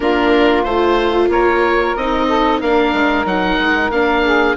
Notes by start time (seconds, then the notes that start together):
0.00 A#3 D4 F4 A#4
0.63 A3 F4 C5
1.28 A#3 A#4 C#5
1.96 C4 D#4 D#5
2.28 A4
2.59 A#3 D4 A#4 F5
2.93 G#3
3.25 F#3 D#4 F#5
3.58 G#3
3.90 A#3 D4 F5
4.24 G#4